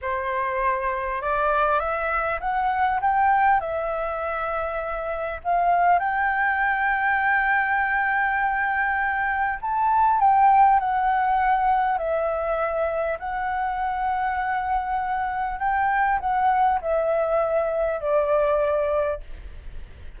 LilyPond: \new Staff \with { instrumentName = "flute" } { \time 4/4 \tempo 4 = 100 c''2 d''4 e''4 | fis''4 g''4 e''2~ | e''4 f''4 g''2~ | g''1 |
a''4 g''4 fis''2 | e''2 fis''2~ | fis''2 g''4 fis''4 | e''2 d''2 | }